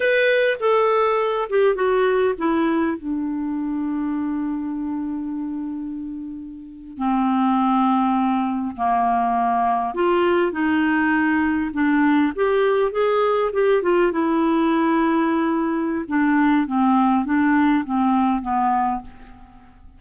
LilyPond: \new Staff \with { instrumentName = "clarinet" } { \time 4/4 \tempo 4 = 101 b'4 a'4. g'8 fis'4 | e'4 d'2.~ | d'2.~ d'8. c'16~ | c'2~ c'8. ais4~ ais16~ |
ais8. f'4 dis'2 d'16~ | d'8. g'4 gis'4 g'8 f'8 e'16~ | e'2. d'4 | c'4 d'4 c'4 b4 | }